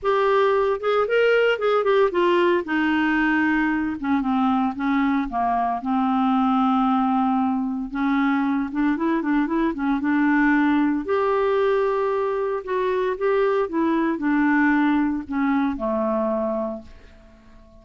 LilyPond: \new Staff \with { instrumentName = "clarinet" } { \time 4/4 \tempo 4 = 114 g'4. gis'8 ais'4 gis'8 g'8 | f'4 dis'2~ dis'8 cis'8 | c'4 cis'4 ais4 c'4~ | c'2. cis'4~ |
cis'8 d'8 e'8 d'8 e'8 cis'8 d'4~ | d'4 g'2. | fis'4 g'4 e'4 d'4~ | d'4 cis'4 a2 | }